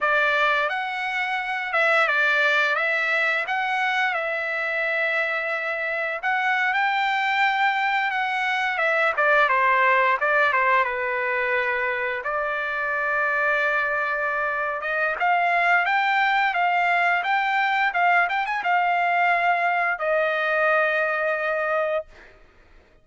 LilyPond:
\new Staff \with { instrumentName = "trumpet" } { \time 4/4 \tempo 4 = 87 d''4 fis''4. e''8 d''4 | e''4 fis''4 e''2~ | e''4 fis''8. g''2 fis''16~ | fis''8. e''8 d''8 c''4 d''8 c''8 b'16~ |
b'4.~ b'16 d''2~ d''16~ | d''4. dis''8 f''4 g''4 | f''4 g''4 f''8 g''16 gis''16 f''4~ | f''4 dis''2. | }